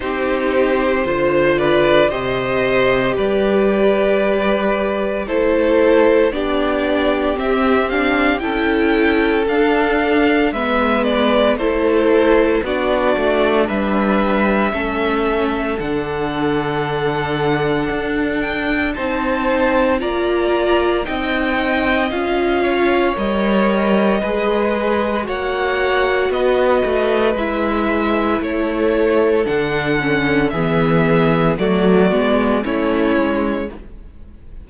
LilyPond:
<<
  \new Staff \with { instrumentName = "violin" } { \time 4/4 \tempo 4 = 57 c''4. d''8 dis''4 d''4~ | d''4 c''4 d''4 e''8 f''8 | g''4 f''4 e''8 d''8 c''4 | d''4 e''2 fis''4~ |
fis''4. g''8 a''4 ais''4 | g''4 f''4 dis''2 | fis''4 dis''4 e''4 cis''4 | fis''4 e''4 d''4 cis''4 | }
  \new Staff \with { instrumentName = "violin" } { \time 4/4 g'4 c''8 b'8 c''4 b'4~ | b'4 a'4 g'2 | a'2 b'4 a'4 | fis'4 b'4 a'2~ |
a'2 c''4 d''4 | dis''4. cis''4. b'4 | cis''4 b'2 a'4~ | a'4 gis'4 fis'4 e'4 | }
  \new Staff \with { instrumentName = "viola" } { \time 4/4 dis'4 f'4 g'2~ | g'4 e'4 d'4 c'8 d'8 | e'4 d'4 b4 e'4 | d'2 cis'4 d'4~ |
d'2 dis'4 f'4 | dis'4 f'4 ais'4 gis'4 | fis'2 e'2 | d'8 cis'8 b4 a8 b8 cis'4 | }
  \new Staff \with { instrumentName = "cello" } { \time 4/4 c'4 d4 c4 g4~ | g4 a4 b4 c'4 | cis'4 d'4 gis4 a4 | b8 a8 g4 a4 d4~ |
d4 d'4 c'4 ais4 | c'4 cis'4 g4 gis4 | ais4 b8 a8 gis4 a4 | d4 e4 fis8 gis8 a8 gis8 | }
>>